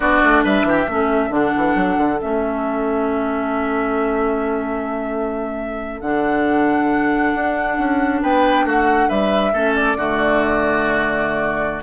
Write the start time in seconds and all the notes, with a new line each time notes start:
0.00 B3 D4 F#4 D5
0.23 A3
0.44 G3 B4 E5
0.63 E3 G4
0.87 A3 C#4 A4
1.29 D3 D4 F#5
1.56 E3
1.75 F#3
1.97 D3
2.21 A3 C#4 E5
6.00 D3 D4 F#5
7.34 D4
7.78 C#4
8.22 B3 B4 G5
8.64 A3 F#4 F#5
9.08 G3 B4 E5
9.53 A3 C#4 A4
9.75 D5
9.95 D3 A3 F#4